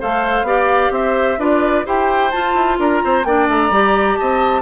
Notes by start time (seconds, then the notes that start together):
0.00 A3 A4 C5 F5
0.43 B3 G4 D5
0.91 C4 C5 E5
1.38 D4 F4 B4 D5
1.86 E4 G4 C5 G5
2.32 F4 A5
2.55 E4
2.79 D4 A#4 A#5
3.05 C4 C5
3.25 A#3 D4 D5 G5
3.49 A3 A#5
3.71 G3 G4
4.17 C4 D#5 A5